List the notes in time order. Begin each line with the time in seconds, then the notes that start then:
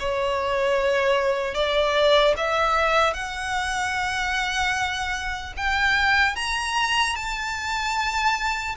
0.00 C#5
1.55 D5
2.37 E5
3.14 F#5
5.57 G5
6.36 A#5
7.16 A5